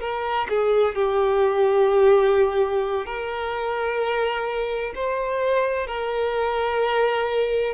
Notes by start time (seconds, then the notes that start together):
0.00 A#4
0.49 G#4
0.95 G4
3.06 A#4
4.95 C5
5.87 A#4